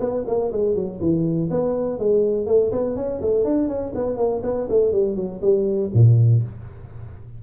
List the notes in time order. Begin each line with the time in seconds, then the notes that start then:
0.00 B3
0.27 A#3
0.52 G#3
0.75 F#3
1.01 E3
1.50 B3
1.99 G#3
2.47 A3
2.72 B3
2.96 C#4
3.21 A3
3.44 D4
3.68 C#4
3.95 B3
4.17 A#3
4.43 B3
4.70 A3
4.92 G3
5.16 F#3
5.42 G3
5.94 A#2